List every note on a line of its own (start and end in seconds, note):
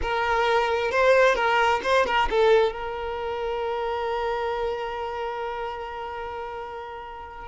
0.01 0.91 A#4
0.91 1.35 C5
1.35 1.80 A#4
1.83 2.06 C5
2.06 2.28 A#4
2.30 2.72 A4
2.72 7.48 A#4